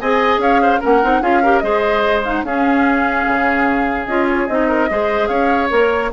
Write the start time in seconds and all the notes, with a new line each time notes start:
0.00 C4 G#4 D#5 G#5
0.38 C#4 C#5 F5
0.62 C5
0.80 A#3 C#4 A#4 F#5
1.02 C4 D#4
1.22 C#4 F4 G#4 F5
1.42 G4 A#4
1.59 G#3 G#4 C5 D#5
2.24 D#4 F5
2.33 F#5
2.43 C#4 G#4 F5
3.27 C#3
4.06 C#4 F4 D#5
4.29 C#5
4.48 C4 D#4 D#5
4.68 A#4
4.90 G#3 G#4 C5
5.27 C#4 C#5 F5
5.70 A#3 A#4 C#5